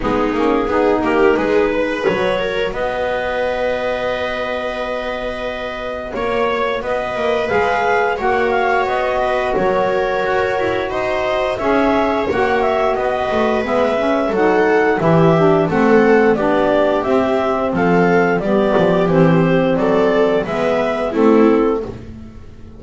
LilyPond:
<<
  \new Staff \with { instrumentName = "clarinet" } { \time 4/4 \tempo 4 = 88 gis'4. ais'8 b'4 cis''4 | dis''1~ | dis''4 cis''4 dis''4 f''4 | fis''8 f''8 dis''4 cis''2 |
dis''4 e''4 fis''8 e''8 dis''4 | e''4 fis''4 e''4 fis''4 | d''4 e''4 f''4 d''4 | c''4 d''4 e''4 a'4 | }
  \new Staff \with { instrumentName = "viola" } { \time 4/4 dis'4 gis'8 g'8 gis'8 b'4 ais'8 | b'1~ | b'4 cis''4 b'2 | cis''4. b'8 ais'2 |
c''4 cis''2 b'4~ | b'4 a'4 g'4 a'4 | g'2 a'4 g'4~ | g'4 a'4 b'4 e'4 | }
  \new Staff \with { instrumentName = "saxophone" } { \time 4/4 b8 cis'8 dis'2 fis'4~ | fis'1~ | fis'2. gis'4 | fis'1~ |
fis'4 gis'4 fis'2 | b8 cis'8 dis'4 e'8 d'8 c'4 | d'4 c'2 b4 | c'2 b4 c'4 | }
  \new Staff \with { instrumentName = "double bass" } { \time 4/4 gis8 ais8 b8 ais8 gis4 fis4 | b1~ | b4 ais4 b8 ais8 gis4 | ais4 b4 fis4 fis'8 e'8 |
dis'4 cis'4 ais4 b8 a8 | gis4 fis4 e4 a4 | b4 c'4 f4 g8 f8 | e4 fis4 gis4 a4 | }
>>